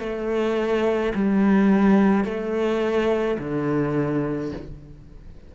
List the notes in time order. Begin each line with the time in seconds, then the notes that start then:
0.00 A3
1.15 G3
2.25 A3
3.39 D3